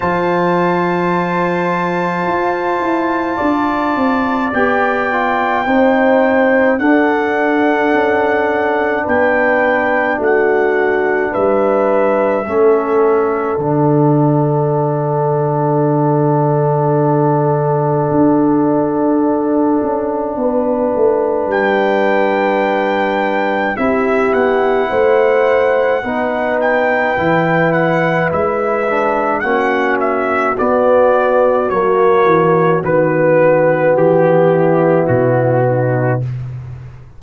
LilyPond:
<<
  \new Staff \with { instrumentName = "trumpet" } { \time 4/4 \tempo 4 = 53 a''1 | g''2 fis''2 | g''4 fis''4 e''2 | fis''1~ |
fis''2. g''4~ | g''4 e''8 fis''2 g''8~ | g''8 fis''8 e''4 fis''8 e''8 d''4 | cis''4 b'4 g'4 fis'4 | }
  \new Staff \with { instrumentName = "horn" } { \time 4/4 c''2. d''4~ | d''4 c''4 a'2 | b'4 fis'4 b'4 a'4~ | a'1~ |
a'2 b'2~ | b'4 g'4 c''4 b'4~ | b'2 fis'2~ | fis'2~ fis'8 e'4 dis'8 | }
  \new Staff \with { instrumentName = "trombone" } { \time 4/4 f'1 | g'8 f'8 dis'4 d'2~ | d'2. cis'4 | d'1~ |
d'1~ | d'4 e'2 dis'4 | e'4. d'8 cis'4 b4 | ais4 b2. | }
  \new Staff \with { instrumentName = "tuba" } { \time 4/4 f2 f'8 e'8 d'8 c'8 | b4 c'4 d'4 cis'4 | b4 a4 g4 a4 | d1 |
d'4. cis'8 b8 a8 g4~ | g4 c'8 b8 a4 b4 | e4 gis4 ais4 b4 | fis8 e8 dis4 e4 b,4 | }
>>